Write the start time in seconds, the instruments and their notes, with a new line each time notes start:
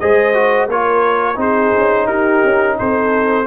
0.00 tuba G#3, trombone G#4, horn C5, trumpet D#5
0.34 trombone F#4
0.68 tuba A#3, trombone F4, horn A#4, trumpet C#5
1.36 tuba C4, trombone D#4, horn G#4, trumpet C5
1.78 tuba C#4
2.06 tuba D#4, horn G4, trumpet A#4
2.45 tuba C#4
2.79 tuba C4, horn A4, trumpet C5